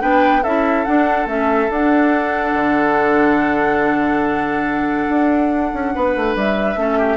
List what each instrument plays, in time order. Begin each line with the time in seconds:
0.00 bassoon B3, clarinet D4, oboe B4, flute G5
0.43 bassoon C#4, clarinet E4, oboe A4, flute E5
0.85 clarinet D4, bassoon D4, flute F#5
1.26 bassoon A3, clarinet C#4, flute E5
1.69 bassoon D4, clarinet D4, flute F#5
2.53 bassoon D3
5.09 bassoon D4
5.73 bassoon C#4
5.95 bassoon B3, oboe B4
6.16 bassoon A3
6.35 bassoon G3, flute E5
6.76 bassoon A3, clarinet C#4, oboe A4
6.98 oboe G4